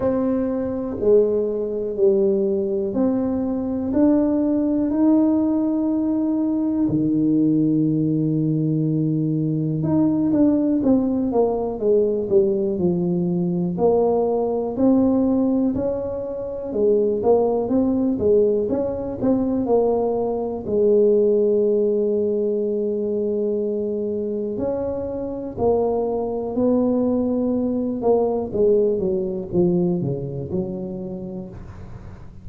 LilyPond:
\new Staff \with { instrumentName = "tuba" } { \time 4/4 \tempo 4 = 61 c'4 gis4 g4 c'4 | d'4 dis'2 dis4~ | dis2 dis'8 d'8 c'8 ais8 | gis8 g8 f4 ais4 c'4 |
cis'4 gis8 ais8 c'8 gis8 cis'8 c'8 | ais4 gis2.~ | gis4 cis'4 ais4 b4~ | b8 ais8 gis8 fis8 f8 cis8 fis4 | }